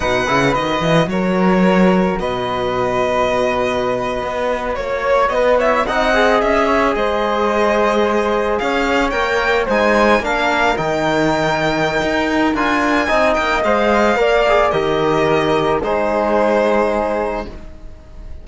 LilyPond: <<
  \new Staff \with { instrumentName = "violin" } { \time 4/4 \tempo 4 = 110 fis''4 dis''4 cis''2 | dis''1~ | dis''8. cis''4 dis''8 e''8 fis''4 e''16~ | e''8. dis''2. f''16~ |
f''8. g''4 gis''4 f''4 g''16~ | g''2. gis''4~ | gis''8 g''8 f''2 dis''4~ | dis''4 c''2. | }
  \new Staff \with { instrumentName = "flute" } { \time 4/4 b'2 ais'2 | b'1~ | b'8. cis''4 b'8 cis''8 dis''4~ dis''16~ | dis''16 cis''8 c''2. cis''16~ |
cis''4.~ cis''16 c''4 ais'4~ ais'16~ | ais'1 | dis''2 d''4 ais'4~ | ais'4 gis'2. | }
  \new Staff \with { instrumentName = "trombone" } { \time 4/4 dis'8 e'8 fis'2.~ | fis'1~ | fis'2~ fis'16 e'8 dis'8 gis'8.~ | gis'1~ |
gis'8. ais'4 dis'4 d'4 dis'16~ | dis'2. f'4 | dis'4 c''4 ais'8 gis'8 g'4~ | g'4 dis'2. | }
  \new Staff \with { instrumentName = "cello" } { \time 4/4 b,8 cis8 dis8 e8 fis2 | b,2.~ b,8. b16~ | b8. ais4 b4 c'4 cis'16~ | cis'8. gis2. cis'16~ |
cis'8. ais4 gis4 ais4 dis16~ | dis2 dis'4 d'4 | c'8 ais8 gis4 ais4 dis4~ | dis4 gis2. | }
>>